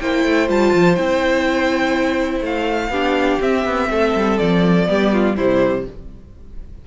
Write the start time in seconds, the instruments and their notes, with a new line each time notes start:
0.00 cello A#3, viola E4, violin C5 G5
0.25 cello A3
0.48 cello G3, viola F4, violin A5
0.74 cello F3
0.96 cello C4, viola E4, violin G5
2.41 cello A3, violin F5
2.90 cello B3, viola D4, violin G4
3.41 viola C4, cello C4, violin E5
3.65 cello B3
3.90 cello A3, violin A4
4.15 cello G3
4.38 cello F3, violin D5
4.87 cello G3, viola B3, violin G4
5.14 violin F4
5.36 cello C3, viola G3, violin E4 C5